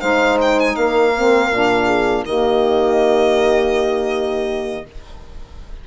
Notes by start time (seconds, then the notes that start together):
0.00 G#3 D#4 C5 F5
0.41 G5
0.59 G#5
0.75 A#3 A#4 F5
1.16 C4
1.51 A#2 D4
1.85 G#4
2.25 D#3 A#3 G4 D#5